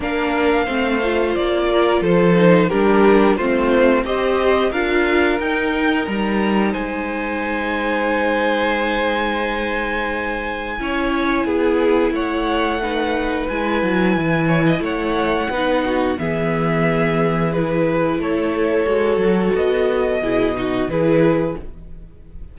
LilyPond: <<
  \new Staff \with { instrumentName = "violin" } { \time 4/4 \tempo 4 = 89 f''2 d''4 c''4 | ais'4 c''4 dis''4 f''4 | g''4 ais''4 gis''2~ | gis''1~ |
gis''2 fis''2 | gis''2 fis''2 | e''2 b'4 cis''4~ | cis''4 dis''2 b'4 | }
  \new Staff \with { instrumentName = "violin" } { \time 4/4 ais'4 c''4. ais'8 a'4 | g'4 f'4 c''4 ais'4~ | ais'2 c''2~ | c''1 |
cis''4 gis'4 cis''4 b'4~ | b'4. cis''16 dis''16 cis''4 b'8 fis'8 | gis'2. a'4~ | a'2 gis'8 fis'8 gis'4 | }
  \new Staff \with { instrumentName = "viola" } { \time 4/4 d'4 c'8 f'2 dis'8 | d'4 c'4 g'4 f'4 | dis'1~ | dis'1 |
e'2. dis'4 | e'2. dis'4 | b2 e'2 | fis'2 e'8 dis'8 e'4 | }
  \new Staff \with { instrumentName = "cello" } { \time 4/4 ais4 a4 ais4 f4 | g4 a4 c'4 d'4 | dis'4 g4 gis2~ | gis1 |
cis'4 b4 a2 | gis8 fis8 e4 a4 b4 | e2. a4 | gis8 fis8 b4 b,4 e4 | }
>>